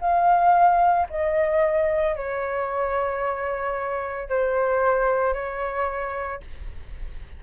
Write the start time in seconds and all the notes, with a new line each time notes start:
0.00 F5
1.10 D#5
2.16 C#5
4.29 C5
5.33 C#5